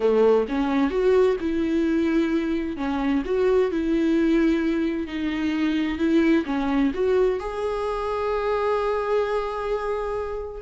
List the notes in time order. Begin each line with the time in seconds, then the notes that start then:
0.00 A3
0.48 C#4
0.90 F#4
1.40 E4
2.76 C#4
3.25 F#4
3.71 E4
5.07 D#4
5.98 E4
6.45 C#4
6.94 F#4
7.39 G#4